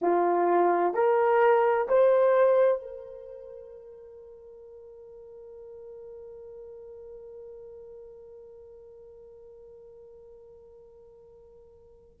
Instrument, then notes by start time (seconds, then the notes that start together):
horn
0.01 F4
0.94 A#4
1.88 C5
2.81 A#4